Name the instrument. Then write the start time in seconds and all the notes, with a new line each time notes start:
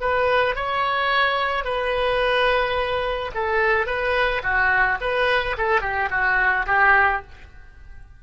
oboe
0.00 B4
0.55 C#5
1.64 B4
3.34 A4
3.86 B4
4.43 F#4
5.01 B4
5.57 A4
5.81 G4
6.10 F#4
6.66 G4